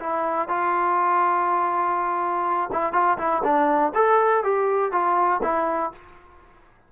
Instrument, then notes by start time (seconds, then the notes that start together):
trombone
0.00 E4
0.49 F4
2.73 E4
2.93 F4
3.18 E4
3.44 D4
3.95 A4
4.44 G4
4.92 F4
5.43 E4